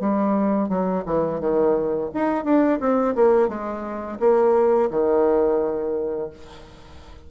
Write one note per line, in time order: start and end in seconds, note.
0.00 0.68 G3
0.68 1.03 F#3
1.06 1.40 E3
1.40 2.10 D#3
2.14 2.45 D#4
2.45 2.79 D4
2.80 3.15 C4
3.15 3.49 A#3
3.49 4.18 G#3
4.20 4.89 A#3
4.90 6.30 D#3